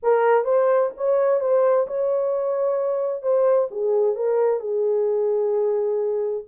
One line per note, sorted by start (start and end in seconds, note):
0.02 0.44 A#4
0.44 0.90 C5
0.96 1.40 C#5
1.40 1.86 C5
1.87 3.22 C#5
3.22 3.68 C5
3.70 4.15 G#4
4.15 4.59 A#4
4.59 6.44 G#4